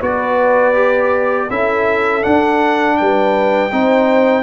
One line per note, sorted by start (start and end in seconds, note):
0.00 1.49 B3
0.00 0.74 F#4
0.00 1.49 B4
0.00 1.50 D5
0.74 1.48 G4
1.49 2.24 C#4
1.49 2.22 E4
1.49 2.98 A4
1.49 2.23 E5
2.22 3.70 D4
2.22 3.00 D4
2.22 2.97 F#5
2.97 3.72 G3
2.97 3.72 B4
2.97 4.42 G5
3.71 4.42 C4
3.71 4.42 D#4
3.71 4.42 C5